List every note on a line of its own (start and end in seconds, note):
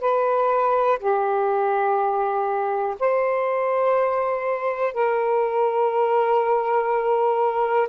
0.00 0.98 B4
0.99 2.96 G4
2.99 4.93 C5
4.93 7.88 A#4